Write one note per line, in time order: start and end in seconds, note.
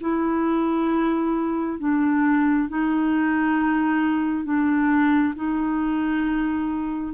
0.00 1.79 E4
1.79 2.68 D4
2.68 4.44 D#4
4.44 5.33 D4
5.35 7.13 D#4